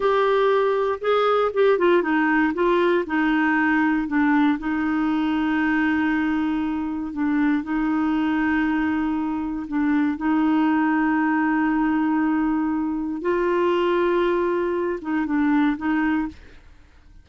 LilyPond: \new Staff \with { instrumentName = "clarinet" } { \time 4/4 \tempo 4 = 118 g'2 gis'4 g'8 f'8 | dis'4 f'4 dis'2 | d'4 dis'2.~ | dis'2 d'4 dis'4~ |
dis'2. d'4 | dis'1~ | dis'2 f'2~ | f'4. dis'8 d'4 dis'4 | }